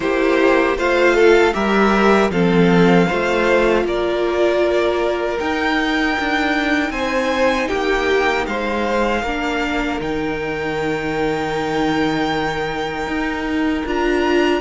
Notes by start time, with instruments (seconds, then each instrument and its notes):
0.00 cello A#3, viola E4, violin G4 C5
0.76 cello A3, viola F4, violin C5 F5
1.14 violin A4
1.53 cello G3, viola G4, violin A#4 E5
2.29 cello F3, viola C4, violin A4 F5
3.06 cello A3, viola F4, violin C5
3.84 cello A#3, violin A#4 D5
5.38 viola D#4, cello D#4, violin G5
6.19 cello D4
6.90 cello C4, violin C5 G#5
7.68 cello A#3, violin G4 G5
8.46 cello G#3, violin C5 F5
9.21 cello A#3, viola D4, violin A#4
10.00 cello D#3, viola D#4, violin G5
13.06 cello D#4
13.85 cello D4, viola F4, violin A#5